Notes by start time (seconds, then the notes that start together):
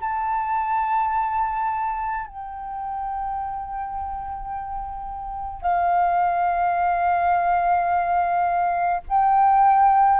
0.00 A5
2.26 G5
5.61 F5
9.09 G5